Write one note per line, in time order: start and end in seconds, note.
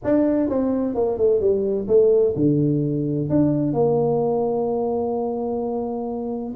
0.04 0.49 D4
0.49 0.95 C4
0.95 1.17 A#3
1.17 1.40 A3
1.40 1.87 G3
1.87 2.34 A3
2.35 3.29 D3
3.29 3.73 D4
3.73 6.54 A#3